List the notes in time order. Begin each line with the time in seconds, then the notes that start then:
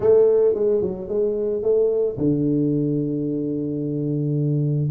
0.00 A3
0.54 G#3
0.81 F#3
1.08 G#3
1.62 A3
2.17 D3